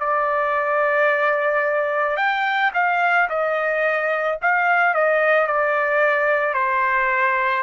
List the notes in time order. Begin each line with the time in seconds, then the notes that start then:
0.00 D5
2.17 G5
2.74 F5
3.30 D#5
4.42 F5
4.95 D#5
5.47 D5
6.54 C5